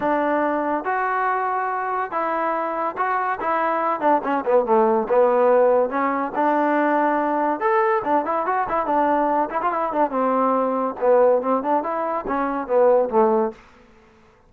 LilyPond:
\new Staff \with { instrumentName = "trombone" } { \time 4/4 \tempo 4 = 142 d'2 fis'2~ | fis'4 e'2 fis'4 | e'4. d'8 cis'8 b8 a4 | b2 cis'4 d'4~ |
d'2 a'4 d'8 e'8 | fis'8 e'8 d'4. e'16 f'16 e'8 d'8 | c'2 b4 c'8 d'8 | e'4 cis'4 b4 a4 | }